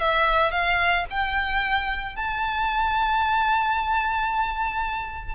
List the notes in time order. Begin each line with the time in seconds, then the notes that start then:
0.00 E5
0.51 F5
1.10 G5
2.16 A5